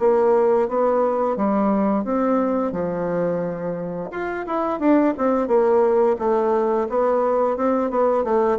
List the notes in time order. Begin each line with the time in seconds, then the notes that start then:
0.00 A#3
0.69 B3
1.37 G3
2.05 C4
2.72 F3
4.12 F4
4.47 E4
4.80 D4
5.18 C4
5.48 A#3
6.19 A3
6.90 B3
7.57 C4
7.91 B3
8.24 A3